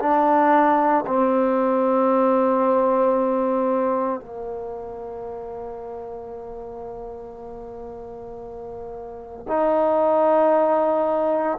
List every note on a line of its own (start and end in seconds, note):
0.00 1.05 D4
1.07 4.21 C4
4.21 9.47 A#3
9.48 11.59 D#4